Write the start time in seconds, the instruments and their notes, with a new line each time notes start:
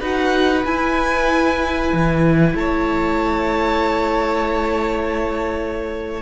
0.00 cello D#4, viola F#4, violin B4 F#5
0.65 cello E4, viola E4, violin G#5
1.92 cello E3
2.54 cello A3, violin C#5 A5